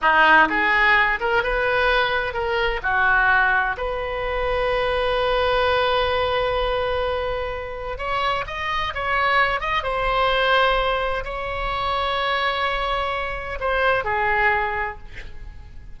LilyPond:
\new Staff \with { instrumentName = "oboe" } { \time 4/4 \tempo 4 = 128 dis'4 gis'4. ais'8 b'4~ | b'4 ais'4 fis'2 | b'1~ | b'1~ |
b'4 cis''4 dis''4 cis''4~ | cis''8 dis''8 c''2. | cis''1~ | cis''4 c''4 gis'2 | }